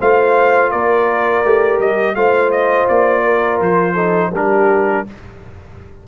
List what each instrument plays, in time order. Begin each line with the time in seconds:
0.00 tuba A3, trombone F4, horn C5, trumpet F5
0.72 tuba A#3, horn A#4, trumpet D5
1.45 tuba A3, trombone G4
1.80 tuba G3, trumpet D#5
2.15 tuba A3, trombone F4, horn C5, trumpet F5
2.52 trumpet D#5
2.89 tuba A#3, trumpet D5
3.24 horn A#4
3.61 tuba F3, trumpet C5
3.94 trombone D#4, horn A4
4.33 tuba G3, trombone D4, horn G4, trumpet A#4